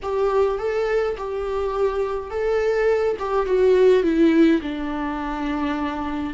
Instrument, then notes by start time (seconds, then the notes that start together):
viola
0.02 G4
0.58 A4
1.17 G4
2.30 A4
3.19 G4
3.46 F#4
4.03 E4
4.61 D4